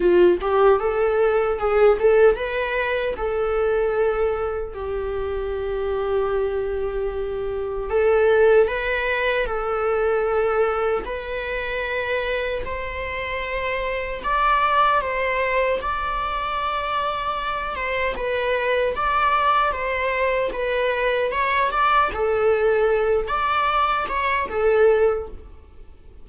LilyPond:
\new Staff \with { instrumentName = "viola" } { \time 4/4 \tempo 4 = 76 f'8 g'8 a'4 gis'8 a'8 b'4 | a'2 g'2~ | g'2 a'4 b'4 | a'2 b'2 |
c''2 d''4 c''4 | d''2~ d''8 c''8 b'4 | d''4 c''4 b'4 cis''8 d''8 | a'4. d''4 cis''8 a'4 | }